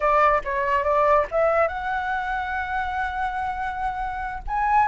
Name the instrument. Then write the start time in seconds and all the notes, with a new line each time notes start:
flute
0.00 D5
0.44 C#5
0.83 D5
1.31 E5
1.68 F#5
4.47 G#5